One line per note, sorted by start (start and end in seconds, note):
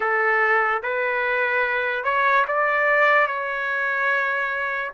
0.00 0.82 A4
0.82 2.04 B4
2.04 2.45 C#5
2.47 3.27 D5
3.27 4.91 C#5